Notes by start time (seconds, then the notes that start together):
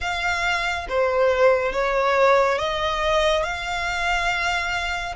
0.00 F5
0.88 C5
1.72 C#5
2.58 D#5
3.43 F5